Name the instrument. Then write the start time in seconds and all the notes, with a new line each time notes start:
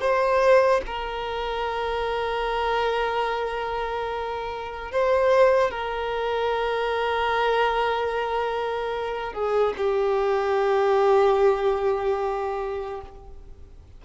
violin
0.00 C5
0.86 A#4
4.91 C5
5.71 A#4
9.33 G#4
9.77 G4